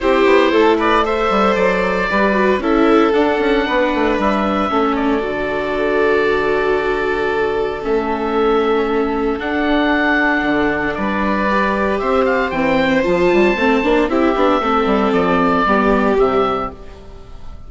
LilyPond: <<
  \new Staff \with { instrumentName = "oboe" } { \time 4/4 \tempo 4 = 115 c''4. d''8 e''4 d''4~ | d''4 e''4 fis''2 | e''4. d''2~ d''8~ | d''2. e''4~ |
e''2 fis''2~ | fis''4 d''2 e''8 f''8 | g''4 a''2 e''4~ | e''4 d''2 e''4 | }
  \new Staff \with { instrumentName = "violin" } { \time 4/4 g'4 a'8 b'8 c''2 | b'4 a'2 b'4~ | b'4 a'2.~ | a'1~ |
a'1~ | a'4 b'2 c''4~ | c''2. g'4 | a'2 g'2 | }
  \new Staff \with { instrumentName = "viola" } { \time 4/4 e'2 a'2 | g'8 fis'8 e'4 d'2~ | d'4 cis'4 fis'2~ | fis'2. cis'4~ |
cis'2 d'2~ | d'2 g'2 | c'4 f'4 c'8 d'8 e'8 d'8 | c'2 b4 g4 | }
  \new Staff \with { instrumentName = "bassoon" } { \time 4/4 c'8 b8 a4. g8 fis4 | g4 cis'4 d'8 cis'8 b8 a8 | g4 a4 d2~ | d2. a4~ |
a2 d'2 | d4 g2 c'4 | e4 f8 g8 a8 ais8 c'8 b8 | a8 g8 f4 g4 c4 | }
>>